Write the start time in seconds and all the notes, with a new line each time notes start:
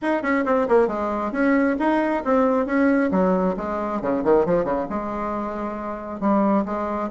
0.02 D#4
0.22 C#4
0.45 C4
0.68 A#3
0.87 G#3
1.32 C#4
1.79 D#4
2.24 C4
2.65 C#4
3.11 F#3
3.57 G#3
4.01 C#3
4.23 D#3
4.45 F3
4.64 C#3
4.89 G#3
6.20 G3
6.65 G#3